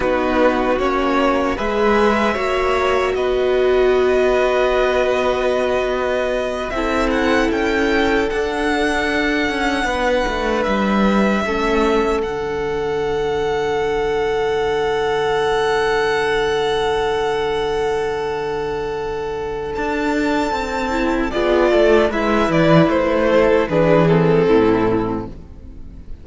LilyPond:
<<
  \new Staff \with { instrumentName = "violin" } { \time 4/4 \tempo 4 = 76 b'4 cis''4 e''2 | dis''1~ | dis''8 e''8 fis''8 g''4 fis''4.~ | fis''4. e''2 fis''8~ |
fis''1~ | fis''1~ | fis''4 a''2 d''4 | e''8 d''8 c''4 b'8 a'4. | }
  \new Staff \with { instrumentName = "violin" } { \time 4/4 fis'2 b'4 cis''4 | b'1~ | b'8 a'2.~ a'8~ | a'8 b'2 a'4.~ |
a'1~ | a'1~ | a'2. gis'8 a'8 | b'4. a'8 gis'4 e'4 | }
  \new Staff \with { instrumentName = "viola" } { \time 4/4 dis'4 cis'4 gis'4 fis'4~ | fis'1~ | fis'8 e'2 d'4.~ | d'2~ d'8 cis'4 d'8~ |
d'1~ | d'1~ | d'2~ d'8 e'8 f'4 | e'2 d'8 c'4. | }
  \new Staff \with { instrumentName = "cello" } { \time 4/4 b4 ais4 gis4 ais4 | b1~ | b8 c'4 cis'4 d'4. | cis'8 b8 a8 g4 a4 d8~ |
d1~ | d1~ | d4 d'4 c'4 b8 a8 | gis8 e8 a4 e4 a,4 | }
>>